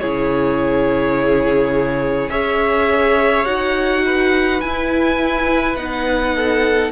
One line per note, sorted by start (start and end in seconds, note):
0.00 2.29 C#3
0.00 2.31 E4
0.00 2.31 G#4
0.00 2.30 C#5
2.29 3.45 C#4
2.29 3.46 G#4
2.29 4.04 C#5
2.29 3.46 E5
3.46 4.61 D#4
3.46 4.61 F#4
3.46 4.61 F#5
4.06 6.36 B4
4.61 5.77 E4
4.61 5.76 G#5
5.77 6.92 B3
5.77 6.92 D#4
5.77 6.92 F#5
6.36 6.92 A4